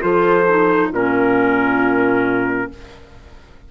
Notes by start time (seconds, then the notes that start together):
0.00 F3 F4 A4 C5
0.49 D#4
0.92 A#2 C#4 F4 A#4